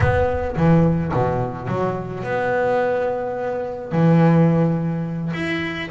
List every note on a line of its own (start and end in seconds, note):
0.00 0.56 B3
0.56 1.12 E3
1.13 1.67 B2
1.67 2.23 F#3
2.23 3.92 B3
3.92 5.32 E3
5.33 5.89 E4